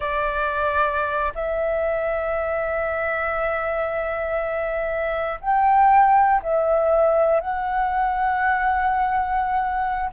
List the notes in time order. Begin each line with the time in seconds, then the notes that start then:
0.00 D5
1.35 E5
5.40 G5
6.43 E5
7.40 F#5